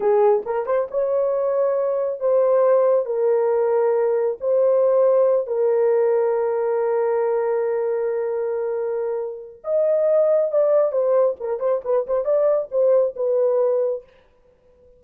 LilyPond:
\new Staff \with { instrumentName = "horn" } { \time 4/4 \tempo 4 = 137 gis'4 ais'8 c''8 cis''2~ | cis''4 c''2 ais'4~ | ais'2 c''2~ | c''8 ais'2.~ ais'8~ |
ais'1~ | ais'2 dis''2 | d''4 c''4 ais'8 c''8 b'8 c''8 | d''4 c''4 b'2 | }